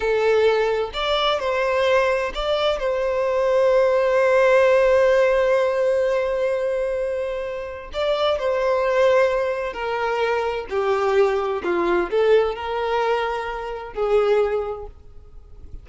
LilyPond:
\new Staff \with { instrumentName = "violin" } { \time 4/4 \tempo 4 = 129 a'2 d''4 c''4~ | c''4 d''4 c''2~ | c''1~ | c''1~ |
c''4 d''4 c''2~ | c''4 ais'2 g'4~ | g'4 f'4 a'4 ais'4~ | ais'2 gis'2 | }